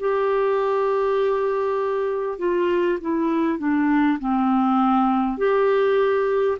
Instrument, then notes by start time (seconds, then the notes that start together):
clarinet
0.00 G4
2.39 F4
3.01 E4
3.59 D4
4.20 C4
5.38 G4